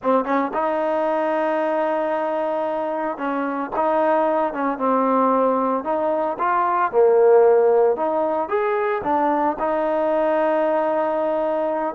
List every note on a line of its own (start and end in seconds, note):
0.03 0.24 C4
0.24 0.51 C#4
0.53 3.17 D#4
3.17 3.70 C#4
3.76 4.53 D#4
4.53 4.78 C#4
4.78 5.84 C4
5.84 6.37 D#4
6.39 6.91 F4
6.91 7.96 A#3
7.96 8.48 D#4
8.48 9.01 G#4
9.03 9.56 D4
9.59 11.94 D#4